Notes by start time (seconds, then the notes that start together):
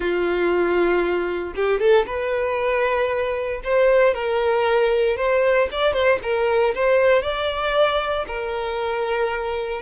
0.00 F4
1.55 G4
1.80 A4
2.06 B4
3.64 C5
4.14 A#4
5.17 C5
5.71 D5
5.93 C5
6.22 A#4
6.75 C5
7.22 D5
8.27 A#4